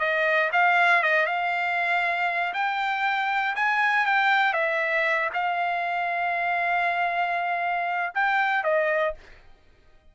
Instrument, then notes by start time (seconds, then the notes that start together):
trumpet
0.00 D#5
0.53 F5
1.03 D#5
1.26 F5
2.54 G5
3.56 G#5
4.06 G5
4.54 E5
5.34 F5
8.15 G5
8.64 D#5